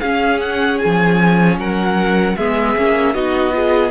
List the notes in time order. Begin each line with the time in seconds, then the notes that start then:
0.00 C#4 G#4 F5
0.40 F#5
0.78 G#5
0.85 F3
1.58 F#3 A#4 F#5
2.36 G#3 B3 G#4 E5
2.77 A#3 C#4
3.14 B3 D#4 F#4 D#5
3.52 F4 G#4